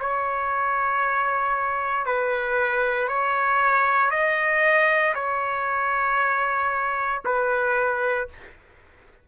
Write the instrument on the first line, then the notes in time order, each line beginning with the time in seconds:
trumpet
0.00 C#5
2.05 B4
3.08 C#5
4.11 D#5
5.15 C#5
7.25 B4